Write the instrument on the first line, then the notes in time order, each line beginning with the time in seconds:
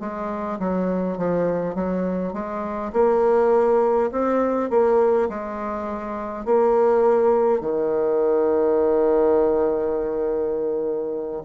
bassoon
0.00 G#3
0.59 F#3
1.18 F3
1.75 F#3
2.33 G#3
2.93 A#3
4.12 C4
4.70 A#3
5.29 G#3
6.45 A#3
7.61 D#3